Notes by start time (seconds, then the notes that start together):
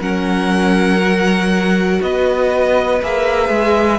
0.00 F#3 C#4 A#4 F#5
0.98 F#4
2.01 B3 B4 D#5
3.02 A#3 G#4 E5
3.49 G#3